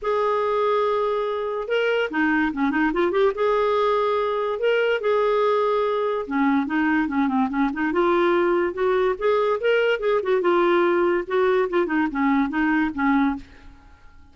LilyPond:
\new Staff \with { instrumentName = "clarinet" } { \time 4/4 \tempo 4 = 144 gis'1 | ais'4 dis'4 cis'8 dis'8 f'8 g'8 | gis'2. ais'4 | gis'2. cis'4 |
dis'4 cis'8 c'8 cis'8 dis'8 f'4~ | f'4 fis'4 gis'4 ais'4 | gis'8 fis'8 f'2 fis'4 | f'8 dis'8 cis'4 dis'4 cis'4 | }